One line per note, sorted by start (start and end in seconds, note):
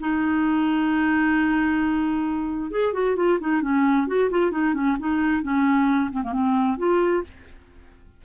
0.00 2.71 D#4
2.71 2.93 G#4
2.93 3.16 F#4
3.16 3.39 F4
3.40 3.62 D#4
3.62 4.07 C#4
4.07 4.30 F#4
4.30 4.51 F4
4.51 4.74 D#4
4.74 4.97 C#4
4.99 5.42 D#4
5.42 6.11 C#4
6.11 6.23 C4
6.23 6.32 A#3
6.32 6.78 C4
6.78 7.23 F4